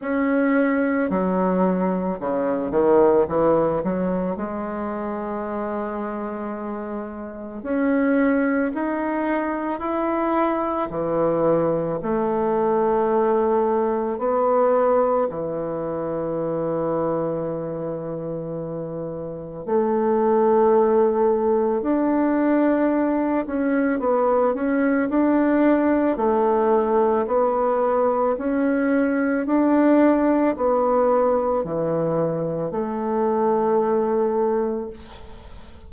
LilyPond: \new Staff \with { instrumentName = "bassoon" } { \time 4/4 \tempo 4 = 55 cis'4 fis4 cis8 dis8 e8 fis8 | gis2. cis'4 | dis'4 e'4 e4 a4~ | a4 b4 e2~ |
e2 a2 | d'4. cis'8 b8 cis'8 d'4 | a4 b4 cis'4 d'4 | b4 e4 a2 | }